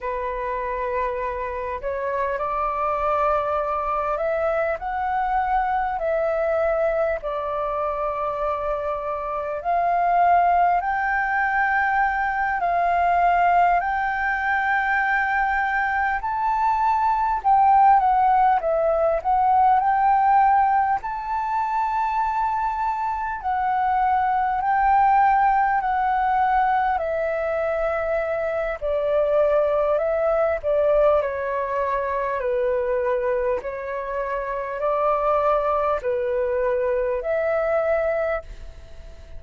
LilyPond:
\new Staff \with { instrumentName = "flute" } { \time 4/4 \tempo 4 = 50 b'4. cis''8 d''4. e''8 | fis''4 e''4 d''2 | f''4 g''4. f''4 g''8~ | g''4. a''4 g''8 fis''8 e''8 |
fis''8 g''4 a''2 fis''8~ | fis''8 g''4 fis''4 e''4. | d''4 e''8 d''8 cis''4 b'4 | cis''4 d''4 b'4 e''4 | }